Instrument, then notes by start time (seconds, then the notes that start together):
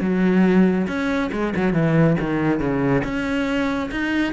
cello
0.00 F#3
0.87 C#4
1.32 G#3
1.56 F#3
1.73 E3
2.20 D#3
2.59 C#3
3.04 C#4
3.91 D#4